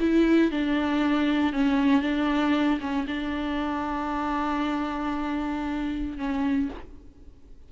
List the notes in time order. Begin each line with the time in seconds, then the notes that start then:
0.00 E4
0.51 D4
1.53 C#4
2.01 D4
2.80 C#4
3.07 D4
6.18 C#4